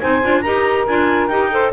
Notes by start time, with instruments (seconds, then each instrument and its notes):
0.00 double bass C4, clarinet D#4 G#5, saxophone C5
0.23 double bass D4, clarinet F4
0.41 double bass D#4, clarinet G4 A#5, saxophone A#4
0.87 double bass D4, clarinet F4 G#5
1.27 double bass D#4, clarinet G4 G5
1.52 clarinet A4, saxophone C5